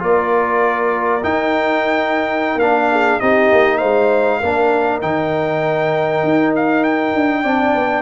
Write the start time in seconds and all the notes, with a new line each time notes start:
0.00 A#3 F4 A#4 D5
1.24 D#4 G5
2.56 A#3 D4 F5
2.91 G#4
3.20 C4 D#4 G4 D#5
3.53 A#3
3.78 G#3 C5 F5
4.40 A#3 D4 A#4
5.02 D#3 D#4 G5
6.24 D#4
6.56 F5
6.84 G5
7.15 D4
7.43 C4 D4 D5
7.75 B3